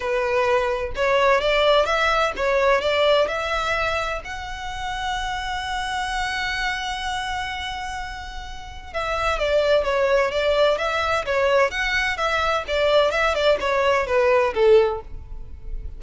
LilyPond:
\new Staff \with { instrumentName = "violin" } { \time 4/4 \tempo 4 = 128 b'2 cis''4 d''4 | e''4 cis''4 d''4 e''4~ | e''4 fis''2.~ | fis''1~ |
fis''2. e''4 | d''4 cis''4 d''4 e''4 | cis''4 fis''4 e''4 d''4 | e''8 d''8 cis''4 b'4 a'4 | }